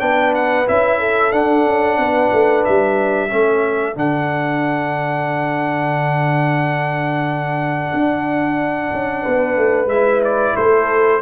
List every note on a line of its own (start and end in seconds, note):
0.00 0.67 B3
0.00 0.66 D4
0.00 0.99 B4
0.00 0.34 G5
0.35 0.68 F#5
0.67 1.32 C#4
0.67 1.32 E4
0.67 1.32 E5
0.99 1.98 A4
1.32 3.29 D4
1.32 1.65 D4
1.32 2.64 F#5
1.66 1.98 C#4
1.98 2.30 B3
1.98 3.30 B4
2.33 2.66 A3
2.65 3.32 G3
2.65 3.97 E5
3.29 3.96 A3
3.29 3.95 C#4
3.29 9.22 A4
3.95 7.92 D3
3.95 9.88 D4
3.95 9.89 F#5
7.93 8.92 D4
8.93 9.26 C#4
9.22 9.57 B3
9.22 10.54 B4
9.57 9.86 A3
9.86 10.52 G#3
9.86 10.22 E5
9.93 11.22 E4
10.24 10.56 D5
10.56 11.22 A3
10.56 11.22 A4
10.56 11.22 C5